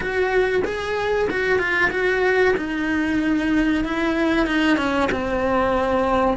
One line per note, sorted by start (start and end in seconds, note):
0.00 0.62 F#4
0.64 1.28 G#4
1.30 1.58 F#4
1.58 1.90 F4
1.90 2.54 F#4
2.56 3.84 D#4
3.84 4.46 E4
4.46 4.77 D#4
4.77 5.09 C#4
5.11 6.37 C4